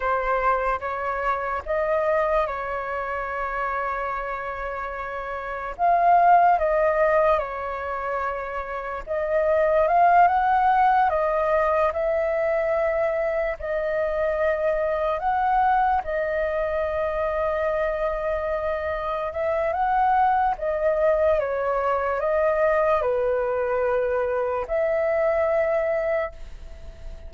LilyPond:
\new Staff \with { instrumentName = "flute" } { \time 4/4 \tempo 4 = 73 c''4 cis''4 dis''4 cis''4~ | cis''2. f''4 | dis''4 cis''2 dis''4 | f''8 fis''4 dis''4 e''4.~ |
e''8 dis''2 fis''4 dis''8~ | dis''2.~ dis''8 e''8 | fis''4 dis''4 cis''4 dis''4 | b'2 e''2 | }